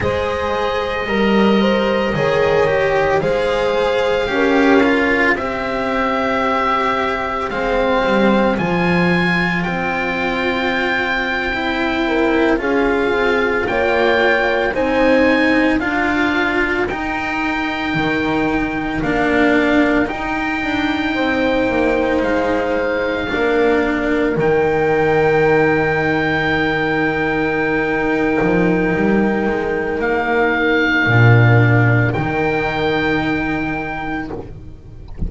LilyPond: <<
  \new Staff \with { instrumentName = "oboe" } { \time 4/4 \tempo 4 = 56 dis''2. f''4~ | f''4 e''2 f''4 | gis''4 g''2~ g''8. f''16~ | f''8. g''4 gis''4 f''4 g''16~ |
g''4.~ g''16 f''4 g''4~ g''16~ | g''8. f''2 g''4~ g''16~ | g''1 | f''2 g''2 | }
  \new Staff \with { instrumentName = "horn" } { \time 4/4 c''4 ais'8 c''8 cis''4 c''4 | ais'4 c''2.~ | c''2.~ c''16 ais'8 gis'16~ | gis'8. cis''4 c''4 ais'4~ ais'16~ |
ais'2.~ ais'8. c''16~ | c''4.~ c''16 ais'2~ ais'16~ | ais'1~ | ais'1 | }
  \new Staff \with { instrumentName = "cello" } { \time 4/4 gis'4 ais'4 gis'8 g'8 gis'4 | g'8 f'8 g'2 c'4 | f'2~ f'8. e'4 f'16~ | f'4.~ f'16 dis'4 f'4 dis'16~ |
dis'4.~ dis'16 d'4 dis'4~ dis'16~ | dis'4.~ dis'16 d'4 dis'4~ dis'16~ | dis'1~ | dis'4 d'4 dis'2 | }
  \new Staff \with { instrumentName = "double bass" } { \time 4/4 gis4 g4 dis4 gis4 | cis'4 c'2 gis8 g8 | f4 c'2~ c'8. cis'16~ | cis'16 c'8 ais4 c'4 d'4 dis'16~ |
dis'8. dis4 ais4 dis'8 d'8 c'16~ | c'16 ais8 gis4 ais4 dis4~ dis16~ | dis2~ dis8 f8 g8 gis8 | ais4 ais,4 dis2 | }
>>